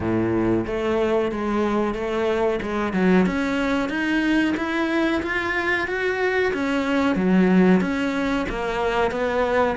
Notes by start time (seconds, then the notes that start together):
0.00 A2
0.66 A3
1.31 G#3
1.94 A3
2.61 G#3
2.93 F#3
3.25 C#4
3.89 D#4
4.57 E4
5.22 F4
5.87 F#4
6.53 C#4
7.15 F#3
7.81 C#4
8.49 A#3
9.11 B3